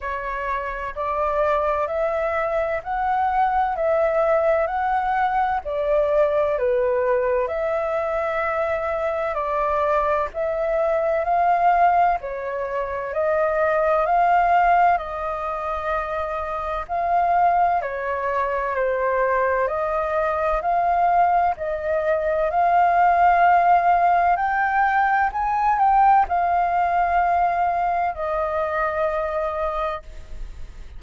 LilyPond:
\new Staff \with { instrumentName = "flute" } { \time 4/4 \tempo 4 = 64 cis''4 d''4 e''4 fis''4 | e''4 fis''4 d''4 b'4 | e''2 d''4 e''4 | f''4 cis''4 dis''4 f''4 |
dis''2 f''4 cis''4 | c''4 dis''4 f''4 dis''4 | f''2 g''4 gis''8 g''8 | f''2 dis''2 | }